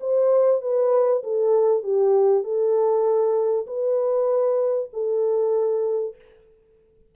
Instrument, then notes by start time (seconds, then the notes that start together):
horn
0.00 C5
0.61 B4
1.23 A4
1.83 G4
2.43 A4
3.67 B4
4.93 A4